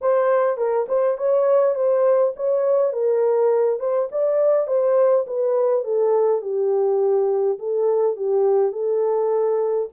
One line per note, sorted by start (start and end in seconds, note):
0.01 0.57 C5
0.57 0.86 A#4
0.88 1.17 C5
1.17 1.75 C#5
1.75 2.33 C5
2.35 2.93 C#5
2.93 3.79 A#4
3.79 4.08 C5
4.11 4.67 D5
4.67 5.25 C5
5.26 5.84 B4
5.84 6.41 A4
6.41 7.58 G4
7.58 8.16 A4
8.16 8.72 G4
8.72 9.88 A4